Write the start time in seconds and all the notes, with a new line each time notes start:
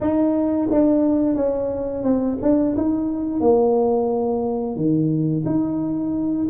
0.00 D#4
0.71 D4
1.35 C#4
2.03 C4
2.41 D4
2.76 D#4
3.40 A#3
4.76 D#3
5.45 D#4